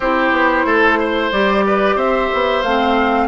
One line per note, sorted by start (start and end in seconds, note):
0.00 0.31 C4
0.00 1.33 E4
0.00 0.66 G4
0.00 1.32 C5
0.31 0.64 B3
0.65 1.31 A3
0.65 0.98 A4
0.99 1.65 C5
1.32 1.95 G3
1.32 2.65 G4
1.32 1.98 D5
1.66 1.95 B4
1.95 2.28 C4
1.95 3.27 C5
1.95 2.62 E5
2.34 2.63 B3
2.62 3.27 A3
2.62 3.27 C4
2.62 3.27 F5